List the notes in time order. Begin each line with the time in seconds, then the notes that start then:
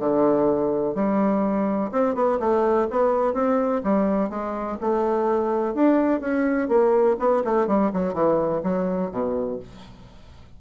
0.00 D3
0.95 G3
1.92 C4
2.15 B3
2.40 A3
2.91 B3
3.34 C4
3.84 G3
4.30 G#3
4.81 A3
5.75 D4
6.21 C#4
6.69 A#3
7.20 B3
7.45 A3
7.68 G3
7.94 F#3
8.14 E3
8.64 F#3
9.12 B2